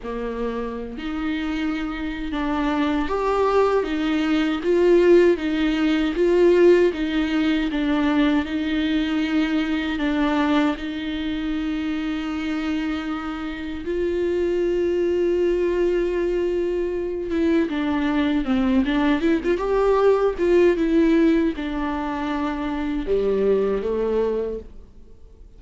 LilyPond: \new Staff \with { instrumentName = "viola" } { \time 4/4 \tempo 4 = 78 ais4~ ais16 dis'4.~ dis'16 d'4 | g'4 dis'4 f'4 dis'4 | f'4 dis'4 d'4 dis'4~ | dis'4 d'4 dis'2~ |
dis'2 f'2~ | f'2~ f'8 e'8 d'4 | c'8 d'8 e'16 f'16 g'4 f'8 e'4 | d'2 g4 a4 | }